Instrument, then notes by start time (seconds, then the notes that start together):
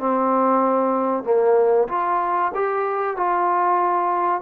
trombone
0.00 C4
1.24 A#3
1.89 F4
2.55 G4
3.17 F4